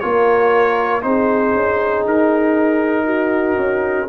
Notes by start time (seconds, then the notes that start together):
0.00 A#3 F4 A#4 C#5
1.03 C4 D#4 G#4 C5
1.55 C#4
2.05 D#4 A#4
3.05 F#4
3.58 C#4